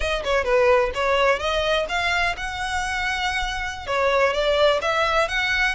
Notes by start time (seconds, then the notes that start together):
0.00 D#5
0.24 C#5
0.44 B4
0.94 C#5
1.39 D#5
1.88 F5
2.36 F#5
3.87 C#5
4.33 D5
4.81 E5
5.28 F#5